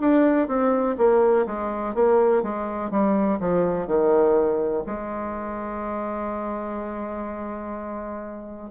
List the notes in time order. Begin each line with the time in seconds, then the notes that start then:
0.00 D4
0.47 C4
0.97 A#3
1.46 G#3
1.94 A#3
2.42 G#3
2.90 G3
3.39 F3
3.87 D#3
4.86 G#3